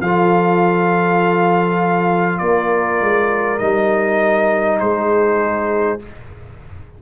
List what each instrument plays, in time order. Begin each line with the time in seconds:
0.00 tuba F3, trombone F4, horn A4, trumpet F5
2.38 tuba A#3, horn A#4, trumpet D5
3.00 tuba G#3
3.58 tuba G3, trombone D#4, trumpet D#5
4.79 tuba G#3, horn G#4, trumpet C5